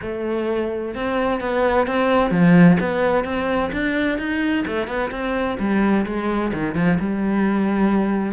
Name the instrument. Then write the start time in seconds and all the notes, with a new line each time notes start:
cello
0.01 A3
0.94 C4
1.40 B3
1.86 C4
2.30 F3
2.79 B3
3.24 C4
3.72 D4
4.18 D#4
4.67 A3
4.87 B3
5.10 C4
5.59 G3
6.05 G#3
6.53 D#3
6.74 F3
6.99 G3